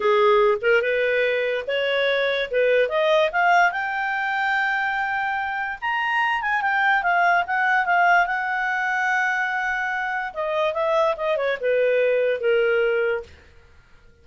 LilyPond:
\new Staff \with { instrumentName = "clarinet" } { \time 4/4 \tempo 4 = 145 gis'4. ais'8 b'2 | cis''2 b'4 dis''4 | f''4 g''2.~ | g''2 ais''4. gis''8 |
g''4 f''4 fis''4 f''4 | fis''1~ | fis''4 dis''4 e''4 dis''8 cis''8 | b'2 ais'2 | }